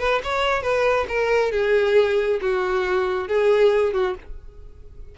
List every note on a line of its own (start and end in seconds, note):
0.00 0.22 B4
0.24 0.63 C#5
0.63 1.07 B4
1.09 1.52 A#4
1.52 2.40 G#4
2.41 3.28 F#4
3.28 3.93 G#4
3.93 4.16 F#4